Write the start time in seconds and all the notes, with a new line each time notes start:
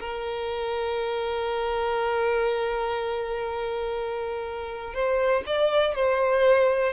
0.00 A#4
4.94 C5
5.47 D5
5.95 C5